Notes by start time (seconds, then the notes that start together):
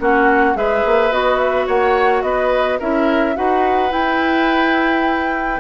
0.00 A#3 C#4 F#4 F#5
0.55 G#3 G#4 B4 E5
0.86 A#3
1.11 B3 F#4 D#5
1.39 E5
1.67 A#3 C#5 F#5
2.23 B3 B4 D#5
2.80 C#4 E4 A#4 E5
3.35 D#4 F#4 B4 F#5
3.90 E4 G5